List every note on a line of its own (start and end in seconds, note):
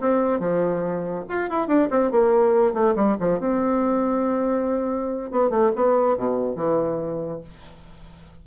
0.00 0.39 C4
0.39 1.24 F3
1.29 1.49 F4
1.49 1.68 E4
1.68 1.89 D4
1.90 2.11 C4
2.11 2.74 A#3
2.74 2.95 A3
2.95 3.17 G3
3.20 3.40 F3
3.40 5.31 C4
5.31 5.50 B3
5.50 5.71 A3
5.75 6.17 B3
6.17 6.55 B2
6.55 7.40 E3